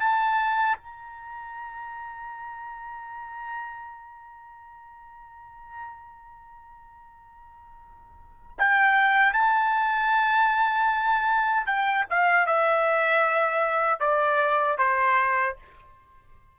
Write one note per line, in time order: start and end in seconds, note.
0.00 0.78 A5
0.78 8.57 A#5
8.59 9.33 G5
9.33 11.66 A5
11.66 12.06 G5
12.10 12.46 F5
12.46 14.00 E5
14.00 14.78 D5
14.78 15.56 C5